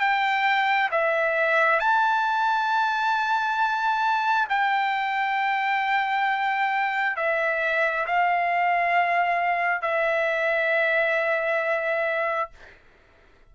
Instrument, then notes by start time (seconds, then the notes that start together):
trumpet
0.00 G5
0.91 E5
1.79 A5
4.49 G5
7.16 E5
8.06 F5
9.81 E5